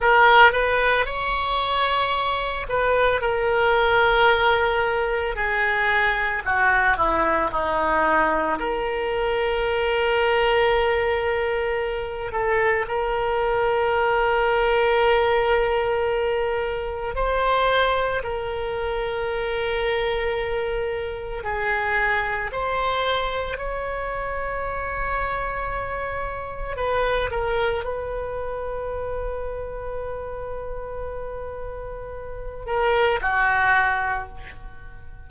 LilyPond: \new Staff \with { instrumentName = "oboe" } { \time 4/4 \tempo 4 = 56 ais'8 b'8 cis''4. b'8 ais'4~ | ais'4 gis'4 fis'8 e'8 dis'4 | ais'2.~ ais'8 a'8 | ais'1 |
c''4 ais'2. | gis'4 c''4 cis''2~ | cis''4 b'8 ais'8 b'2~ | b'2~ b'8 ais'8 fis'4 | }